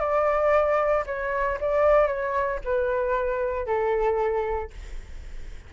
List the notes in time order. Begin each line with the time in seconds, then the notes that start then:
0.00 D5
1.07 C#5
1.61 D5
2.07 C#5
2.65 B4
3.66 A4